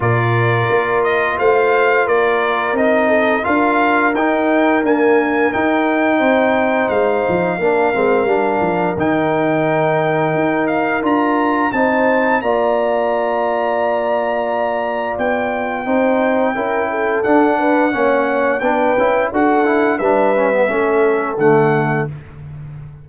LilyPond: <<
  \new Staff \with { instrumentName = "trumpet" } { \time 4/4 \tempo 4 = 87 d''4. dis''8 f''4 d''4 | dis''4 f''4 g''4 gis''4 | g''2 f''2~ | f''4 g''2~ g''8 f''8 |
ais''4 a''4 ais''2~ | ais''2 g''2~ | g''4 fis''2 g''4 | fis''4 e''2 fis''4 | }
  \new Staff \with { instrumentName = "horn" } { \time 4/4 ais'2 c''4 ais'4~ | ais'8 a'8 ais'2.~ | ais'4 c''2 ais'4~ | ais'1~ |
ais'4 c''4 d''2~ | d''2. c''4 | ais'8 a'4 b'8 cis''4 b'4 | a'4 b'4 a'2 | }
  \new Staff \with { instrumentName = "trombone" } { \time 4/4 f'1 | dis'4 f'4 dis'4 ais4 | dis'2. d'8 c'8 | d'4 dis'2. |
f'4 dis'4 f'2~ | f'2. dis'4 | e'4 d'4 cis'4 d'8 e'8 | fis'8 e'8 d'8 cis'16 b16 cis'4 a4 | }
  \new Staff \with { instrumentName = "tuba" } { \time 4/4 ais,4 ais4 a4 ais4 | c'4 d'4 dis'4 d'4 | dis'4 c'4 gis8 f8 ais8 gis8 | g8 f8 dis2 dis'4 |
d'4 c'4 ais2~ | ais2 b4 c'4 | cis'4 d'4 ais4 b8 cis'8 | d'4 g4 a4 d4 | }
>>